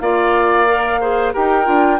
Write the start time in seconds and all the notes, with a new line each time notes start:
0.00 A#3 F4 D5 F5
0.67 A#4
1.00 G#4 C5
1.33 D#4 G4 A#4 G5
1.64 D4 F4